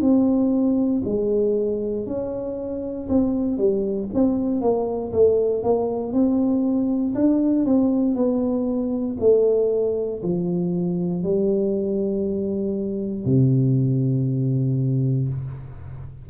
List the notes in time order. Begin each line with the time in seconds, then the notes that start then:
0.00 C4
1.04 G#3
2.06 C#4
3.08 C4
3.57 G3
4.14 C4
4.60 A#3
5.12 A3
5.63 A#3
6.12 C4
7.15 D4
7.65 C4
8.15 B3
9.19 A3
10.22 F3
11.23 G3
13.25 C3